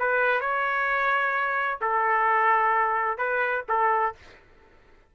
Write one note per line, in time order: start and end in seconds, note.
0.00 0.41 B4
0.41 1.80 C#5
1.82 3.18 A4
3.18 3.65 B4
3.69 4.15 A4